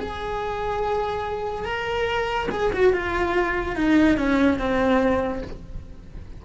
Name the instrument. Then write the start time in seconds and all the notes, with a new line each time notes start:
cello
0.00 G#4
1.65 A#4
2.52 G#4
2.73 F#4
2.94 F4
3.76 D#4
4.18 C#4
4.59 C4